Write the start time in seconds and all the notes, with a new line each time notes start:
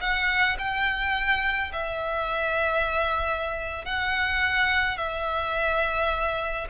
0.00 F#5
0.58 G5
1.72 E5
3.85 F#5
4.97 E5